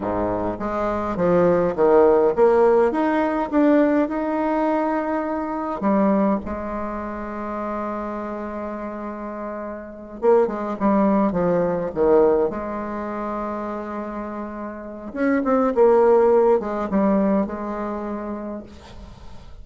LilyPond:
\new Staff \with { instrumentName = "bassoon" } { \time 4/4 \tempo 4 = 103 gis,4 gis4 f4 dis4 | ais4 dis'4 d'4 dis'4~ | dis'2 g4 gis4~ | gis1~ |
gis4. ais8 gis8 g4 f8~ | f8 dis4 gis2~ gis8~ | gis2 cis'8 c'8 ais4~ | ais8 gis8 g4 gis2 | }